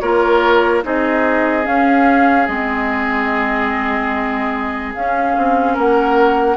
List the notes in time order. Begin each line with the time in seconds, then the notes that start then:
0.00 A#3 F4 A#4 C#5
0.83 C4 D#4 G#4 D#5
1.64 C#4 F5
2.47 G#3 C4 D#5
4.95 C#4 F5
5.37 C4
5.74 A#3 A#4 F#5